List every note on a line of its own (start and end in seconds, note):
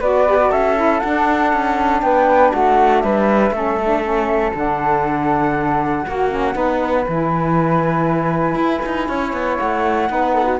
0.00 0.51 B3
0.00 0.27 F#4
0.00 0.50 B4
0.00 0.52 D5
0.28 0.38 G4
0.38 0.76 F#4
0.50 1.02 C#4
0.50 2.01 A4
0.50 0.99 E5
0.76 1.01 E4
0.99 1.53 D4
0.99 3.53 D4
0.99 2.00 F#5
1.53 2.02 C#4
2.01 2.52 B3
2.01 2.52 B4
2.01 2.52 G5
2.52 3.03 A3
2.52 3.02 F#4
2.52 3.00 F#5
3.00 3.51 G3
3.00 3.54 B4
3.00 4.52 E5
3.51 4.51 A3
3.51 3.79 C#4
3.51 6.03 A4
3.84 4.02 D4
4.02 4.53 C#4
4.54 6.06 D3
4.54 6.05 D4
4.54 7.06 F#5
6.03 6.55 A#3
6.03 6.53 F#4
6.03 6.30 F#4
6.30 6.53 C#4
6.53 7.06 B3
6.53 7.04 D#4
6.53 9.07 B4
7.06 8.55 E3
7.06 10.08 E4
7.06 9.58 G#5
8.55 8.80 E4
8.85 9.08 D#4
9.08 9.33 C#4
9.08 10.09 C#5
9.33 9.58 B3
9.58 10.09 A3
9.58 10.59 F#5
10.08 10.60 B3
10.08 10.59 D#4
10.08 10.34 B4
10.34 10.44 A4
10.44 10.56 F#4